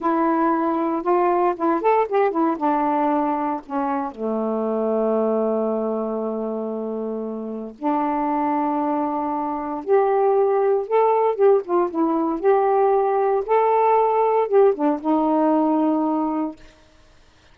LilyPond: \new Staff \with { instrumentName = "saxophone" } { \time 4/4 \tempo 4 = 116 e'2 f'4 e'8 a'8 | g'8 e'8 d'2 cis'4 | a1~ | a2. d'4~ |
d'2. g'4~ | g'4 a'4 g'8 f'8 e'4 | g'2 a'2 | g'8 d'8 dis'2. | }